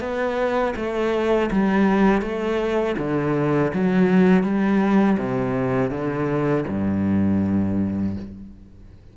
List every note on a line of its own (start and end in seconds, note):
0.00 0.74 B3
0.76 1.50 A3
1.51 2.22 G3
2.22 2.96 A3
2.98 3.72 D3
3.73 4.43 F#3
4.43 5.17 G3
5.18 5.91 C3
5.91 6.65 D3
6.68 8.16 G2